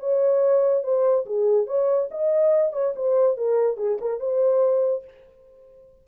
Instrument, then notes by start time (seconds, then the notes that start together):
horn
0.00 C#5
0.84 C5
1.26 G#4
1.67 C#5
2.11 D#5
2.73 C#5
2.96 C5
3.37 A#4
3.78 G#4
4.01 A#4
4.20 C5